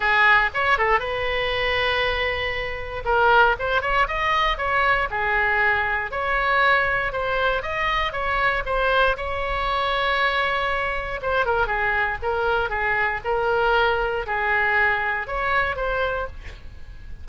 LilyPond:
\new Staff \with { instrumentName = "oboe" } { \time 4/4 \tempo 4 = 118 gis'4 cis''8 a'8 b'2~ | b'2 ais'4 c''8 cis''8 | dis''4 cis''4 gis'2 | cis''2 c''4 dis''4 |
cis''4 c''4 cis''2~ | cis''2 c''8 ais'8 gis'4 | ais'4 gis'4 ais'2 | gis'2 cis''4 c''4 | }